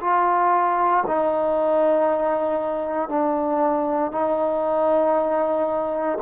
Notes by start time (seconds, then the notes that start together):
0.00 F4
1.07 D#4
3.08 D4
4.11 D#4